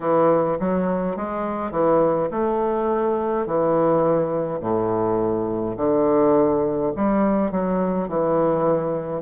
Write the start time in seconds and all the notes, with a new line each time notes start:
0.00 E3
0.59 F#3
1.16 G#3
1.71 E3
2.31 A3
3.46 E3
4.60 A2
5.76 D3
6.95 G3
7.51 F#3
8.08 E3